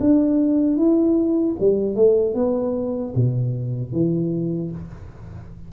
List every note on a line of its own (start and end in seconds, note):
0.00 0.77 D4
0.77 1.56 E4
1.60 1.96 G3
1.96 2.35 A3
2.35 3.14 B3
3.15 3.93 B2
3.93 4.72 E3